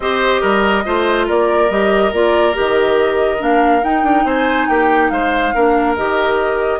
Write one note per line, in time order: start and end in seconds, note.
0.00 0.40 C4
0.00 0.84 G4
0.00 0.41 C5
0.00 1.27 D#5
0.41 0.85 G3
0.41 0.83 A#4
0.84 1.29 A3
0.84 1.70 F4
0.84 1.27 C5
1.27 1.70 A#3
1.27 4.24 A#4
1.27 1.70 D5
1.70 2.12 G3
1.70 2.12 G4
1.70 2.13 D#5
2.12 2.55 A#3
2.12 2.53 F4
2.12 2.56 D5
2.53 3.41 D#3
2.53 3.38 G4
2.53 3.42 D#5
3.38 3.83 A#3
3.38 3.81 D4
3.38 3.83 F5
3.83 4.03 D#4
3.83 5.54 D#4
3.83 4.26 G5
4.03 4.24 D4
4.24 4.67 C4
4.24 4.68 C5
4.24 4.68 G#5
4.68 5.10 A#3
4.68 5.11 G4
4.68 5.09 G5
5.09 5.53 G#3
5.09 5.54 C5
5.09 5.95 F5
5.54 5.97 A#3
5.54 5.97 D4
5.54 6.79 A#4
5.95 6.79 D#3
5.95 6.79 G4
5.95 6.79 D#5